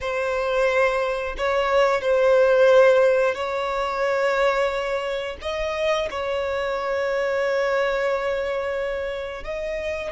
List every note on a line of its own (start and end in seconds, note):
0.00 1.35 C5
1.37 2.01 C#5
2.01 3.34 C5
3.34 5.37 C#5
5.41 6.09 D#5
6.10 9.44 C#5
9.44 10.11 D#5